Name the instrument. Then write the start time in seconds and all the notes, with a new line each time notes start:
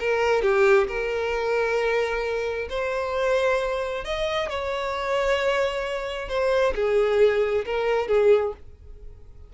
violin
0.00 A#4
0.42 G4
0.88 A#4
2.69 C5
4.05 D#5
4.49 C#5
6.29 C5
6.75 G#4
7.66 A#4
8.08 G#4